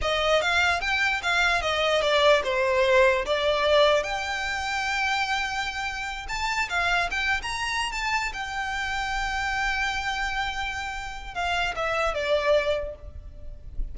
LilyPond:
\new Staff \with { instrumentName = "violin" } { \time 4/4 \tempo 4 = 148 dis''4 f''4 g''4 f''4 | dis''4 d''4 c''2 | d''2 g''2~ | g''2.~ g''8 a''8~ |
a''8 f''4 g''8. ais''4~ ais''16 a''8~ | a''8 g''2.~ g''8~ | g''1 | f''4 e''4 d''2 | }